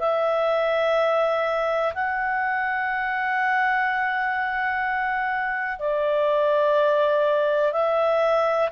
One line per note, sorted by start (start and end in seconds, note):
0.00 1.94 E5
1.94 5.79 F#5
5.79 7.72 D5
7.72 8.69 E5